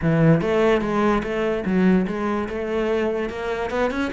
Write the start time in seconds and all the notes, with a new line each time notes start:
0.01 E3
0.41 A3
0.81 G#3
1.23 A3
1.65 F#3
2.07 G#3
2.48 A3
3.29 A#3
3.70 B3
3.90 C#4